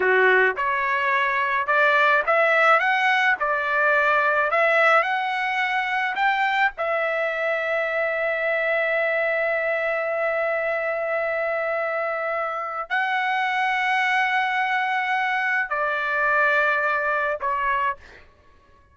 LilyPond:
\new Staff \with { instrumentName = "trumpet" } { \time 4/4 \tempo 4 = 107 fis'4 cis''2 d''4 | e''4 fis''4 d''2 | e''4 fis''2 g''4 | e''1~ |
e''1~ | e''2. fis''4~ | fis''1 | d''2. cis''4 | }